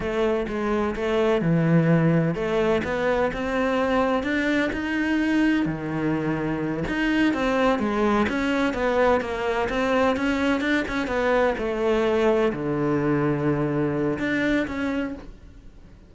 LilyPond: \new Staff \with { instrumentName = "cello" } { \time 4/4 \tempo 4 = 127 a4 gis4 a4 e4~ | e4 a4 b4 c'4~ | c'4 d'4 dis'2 | dis2~ dis8 dis'4 c'8~ |
c'8 gis4 cis'4 b4 ais8~ | ais8 c'4 cis'4 d'8 cis'8 b8~ | b8 a2 d4.~ | d2 d'4 cis'4 | }